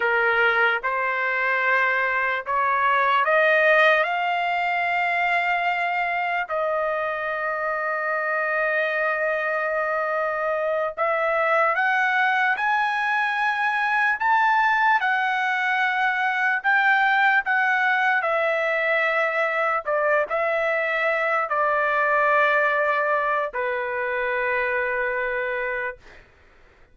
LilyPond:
\new Staff \with { instrumentName = "trumpet" } { \time 4/4 \tempo 4 = 74 ais'4 c''2 cis''4 | dis''4 f''2. | dis''1~ | dis''4. e''4 fis''4 gis''8~ |
gis''4. a''4 fis''4.~ | fis''8 g''4 fis''4 e''4.~ | e''8 d''8 e''4. d''4.~ | d''4 b'2. | }